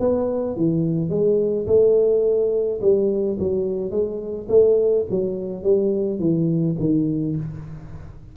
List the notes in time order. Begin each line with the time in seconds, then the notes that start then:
0.00 B3
0.57 E3
1.10 G#3
1.67 A3
2.81 G3
3.39 F#3
3.91 G#3
4.49 A3
5.10 F#3
5.63 G3
6.20 E3
6.80 D#3